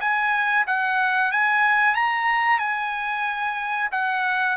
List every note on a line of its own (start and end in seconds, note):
0.00 0.65 G#5
0.67 1.32 F#5
1.32 1.95 G#5
1.95 2.59 A#5
2.59 3.89 G#5
3.91 4.57 F#5